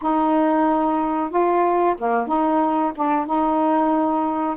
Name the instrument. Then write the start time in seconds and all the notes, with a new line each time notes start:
saxophone
0.01 D#4
1.30 F4
1.97 A#3
2.27 D#4
2.95 D4
3.25 D#4